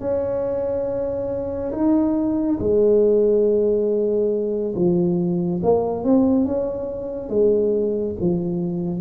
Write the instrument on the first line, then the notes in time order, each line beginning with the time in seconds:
tuba
0.00 C#4
1.72 D#4
2.59 G#3
4.75 F3
5.63 A#3
6.04 C4
6.45 C#4
7.29 G#3
8.21 F3